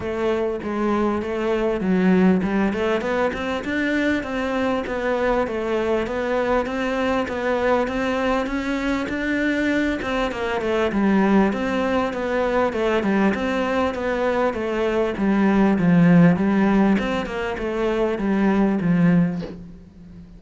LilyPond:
\new Staff \with { instrumentName = "cello" } { \time 4/4 \tempo 4 = 99 a4 gis4 a4 fis4 | g8 a8 b8 c'8 d'4 c'4 | b4 a4 b4 c'4 | b4 c'4 cis'4 d'4~ |
d'8 c'8 ais8 a8 g4 c'4 | b4 a8 g8 c'4 b4 | a4 g4 f4 g4 | c'8 ais8 a4 g4 f4 | }